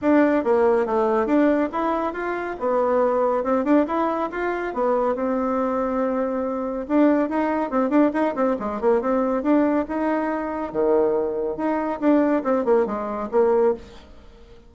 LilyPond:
\new Staff \with { instrumentName = "bassoon" } { \time 4/4 \tempo 4 = 140 d'4 ais4 a4 d'4 | e'4 f'4 b2 | c'8 d'8 e'4 f'4 b4 | c'1 |
d'4 dis'4 c'8 d'8 dis'8 c'8 | gis8 ais8 c'4 d'4 dis'4~ | dis'4 dis2 dis'4 | d'4 c'8 ais8 gis4 ais4 | }